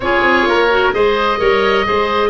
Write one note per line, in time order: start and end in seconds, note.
0.00 0.21 C#4
0.00 0.70 F4
0.00 0.48 G#4
0.00 0.91 C#5
0.22 0.45 C4
0.46 0.92 A#3
0.46 0.94 A#4
0.70 0.93 F#4
0.93 1.39 G#3
0.93 1.38 G#4
0.93 1.39 C5
0.93 2.29 D#5
1.38 1.86 G3
1.38 1.84 A#4
1.38 1.85 C#5
1.84 2.29 G#3
1.84 2.29 G#4
1.84 2.29 C5